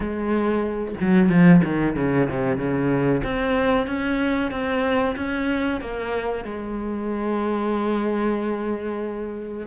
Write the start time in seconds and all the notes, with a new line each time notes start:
0.00 G#3
1.00 F#3
1.29 F3
1.63 D#3
1.96 C#3
2.29 C3
2.57 C#3
3.23 C4
3.87 C#4
4.51 C4
5.16 C#4
5.80 A#3
6.44 G#3